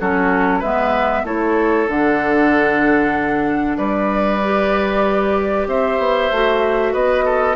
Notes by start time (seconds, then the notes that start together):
0.00 F#3 C#4 F#4 A4
0.59 G#3 B3 B4 E5
1.24 A3 E4 A4 C#5
1.88 D3 D4 F#5
3.78 G3 B4 D5
4.44 G4
5.67 C4 C5 E5
5.99 B3
6.31 A3 F#4
6.93 B3 B4 D#5
7.25 A4